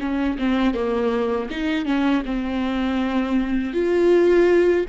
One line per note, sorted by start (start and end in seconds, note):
0.00 0.38 C#4
0.39 0.74 C4
0.74 1.49 A#3
1.50 1.85 D#4
1.85 2.23 C#4
2.25 3.73 C4
3.73 4.86 F4